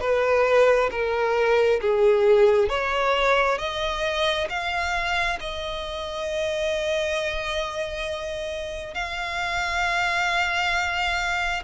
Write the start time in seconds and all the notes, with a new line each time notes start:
0.00 B4
0.90 A#4
1.81 G#4
2.69 C#5
3.58 D#5
4.49 F5
5.40 D#5
8.94 F5